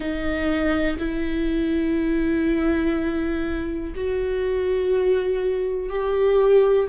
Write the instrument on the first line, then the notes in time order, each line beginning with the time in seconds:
viola
0.00 D#4
0.98 E4
3.95 F#4
5.89 G4